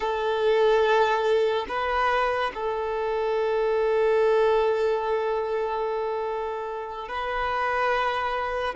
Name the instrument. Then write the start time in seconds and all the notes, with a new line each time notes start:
violin
0.00 A4
1.68 B4
2.54 A4
7.08 B4